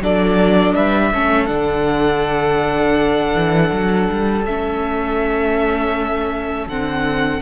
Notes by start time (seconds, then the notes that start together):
0.00 F#3 D4 A4 D5
0.75 G3 B4 E5
1.14 A3 C#4 A4
1.47 D3 D4 F#5
3.35 E3
3.73 F#3
4.11 G3
4.46 A3 C#4 E5
6.67 D3 C4 F#5